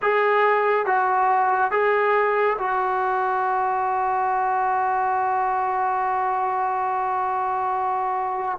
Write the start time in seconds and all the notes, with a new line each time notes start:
0.02 G#4
0.86 F#4
1.71 G#4
2.58 F#4